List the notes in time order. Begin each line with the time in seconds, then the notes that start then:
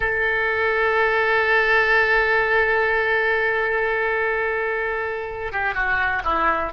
0.00 A4
5.52 G4
5.74 F#4
6.24 E4